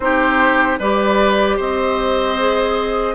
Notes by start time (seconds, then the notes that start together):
0.00 C4 D#4 G4 C5
0.79 G3 G4 B4 D5
1.57 C4 C5 D#5
2.38 G#4